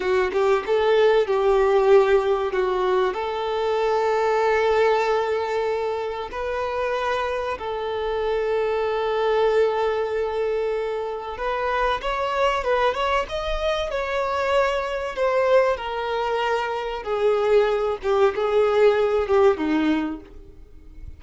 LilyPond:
\new Staff \with { instrumentName = "violin" } { \time 4/4 \tempo 4 = 95 fis'8 g'8 a'4 g'2 | fis'4 a'2.~ | a'2 b'2 | a'1~ |
a'2 b'4 cis''4 | b'8 cis''8 dis''4 cis''2 | c''4 ais'2 gis'4~ | gis'8 g'8 gis'4. g'8 dis'4 | }